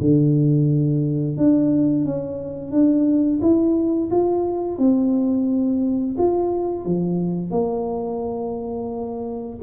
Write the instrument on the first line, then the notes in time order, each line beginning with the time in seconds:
tuba
0.00 D3
1.37 D4
2.05 C#4
2.71 D4
3.41 E4
4.11 F4
4.78 C4
6.18 F4
6.85 F3
7.50 A#3